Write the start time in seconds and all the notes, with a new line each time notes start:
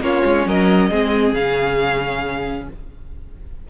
0.00 A#3 C#4 F4 C#5
0.25 G#3
0.45 F#3 A#4 D#5
0.89 G#3 C4 G#4
1.33 C#3 C#4 F5